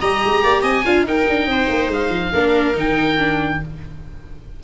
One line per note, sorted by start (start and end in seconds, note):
0.00 0.22 G3
0.00 0.85 G4
0.00 0.42 D#5
0.00 0.62 A#5
0.24 0.43 G#3
0.43 0.62 A#3
0.43 0.61 D5
0.61 0.83 C4
0.61 0.83 D#5
0.61 1.05 G#5
0.85 1.03 D4
0.85 1.05 F4
0.85 1.06 F5
1.03 1.24 D#4
1.03 2.32 D#4
1.03 1.49 A#4
1.03 1.92 G5
1.29 1.46 D4
1.46 1.67 C4
1.46 2.32 C5
1.68 1.87 A#3
1.87 2.08 G#3
1.87 2.77 F5
2.09 2.30 F3
2.32 2.74 A#3
2.32 2.74 D4
2.32 3.59 A#4
2.74 3.59 D#3
2.74 3.16 D#4
2.74 3.63 G5
3.17 3.60 D4